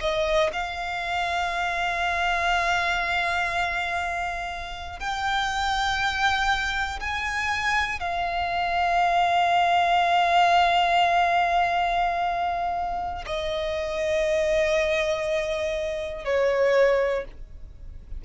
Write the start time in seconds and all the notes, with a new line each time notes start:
0.00 D#5
0.53 F5
4.99 G5
7.00 G#5
8.00 F5
13.26 D#5
16.24 C#5